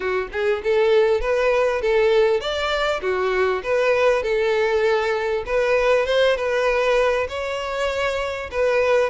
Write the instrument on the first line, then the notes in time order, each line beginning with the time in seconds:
violin
0.00 F#4
0.32 G#4
0.63 A4
1.21 B4
1.81 A4
2.40 D5
3.01 F#4
3.63 B4
4.22 A4
5.46 B4
6.06 C5
6.36 B4
7.29 C#5
8.51 B4